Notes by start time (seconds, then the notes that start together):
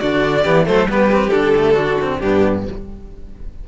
0.00 D3 D4 F#4 D5
0.44 E3 B3 G4
0.66 F#3 A3 A4 C5
0.85 G3 B3 G4
0.92 B4
1.12 C4
1.30 D3 D4 A4
1.57 A3
1.74 D4 F#4
2.02 C4
2.20 G2 B3 D4 G4